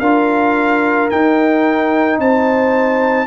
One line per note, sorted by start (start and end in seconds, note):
0.00 1.10 D4
0.00 1.11 F4
0.00 2.20 A#4
0.00 1.09 F5
1.10 3.27 D#4
1.10 2.19 D#4
1.10 2.19 G5
2.19 3.27 C4
2.19 3.27 C5
2.19 3.27 A5